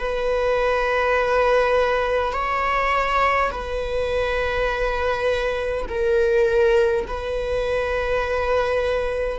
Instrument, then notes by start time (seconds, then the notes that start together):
viola
0.00 B4
2.33 C#5
3.51 B4
5.89 A#4
7.07 B4